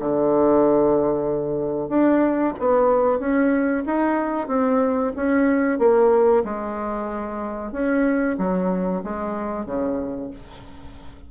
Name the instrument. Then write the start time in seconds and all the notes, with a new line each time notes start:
bassoon
0.00 D3
1.89 D4
2.60 B3
3.20 C#4
3.87 D#4
4.48 C4
5.16 C#4
5.79 A#3
6.45 G#3
7.72 C#4
8.39 F#3
9.04 G#3
9.66 C#3